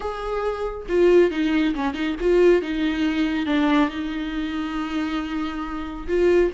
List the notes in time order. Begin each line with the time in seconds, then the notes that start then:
0.00 G#4
0.88 F4
1.30 D#4
1.74 C#4
1.93 D#4
2.20 F4
2.62 D#4
3.46 D4
3.89 D#4
6.07 F4